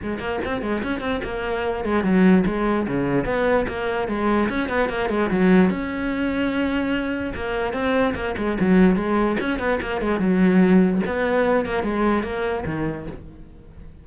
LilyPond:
\new Staff \with { instrumentName = "cello" } { \time 4/4 \tempo 4 = 147 gis8 ais8 c'8 gis8 cis'8 c'8 ais4~ | ais8 gis8 fis4 gis4 cis4 | b4 ais4 gis4 cis'8 b8 | ais8 gis8 fis4 cis'2~ |
cis'2 ais4 c'4 | ais8 gis8 fis4 gis4 cis'8 b8 | ais8 gis8 fis2 b4~ | b8 ais8 gis4 ais4 dis4 | }